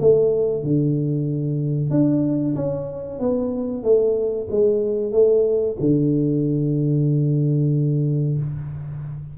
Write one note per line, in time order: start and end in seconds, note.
0.00 0.63 A3
0.63 1.91 D3
1.91 2.55 D4
2.55 3.20 C#4
3.20 3.83 B3
3.83 4.48 A3
4.50 5.12 G#3
5.12 5.77 A3
5.80 8.38 D3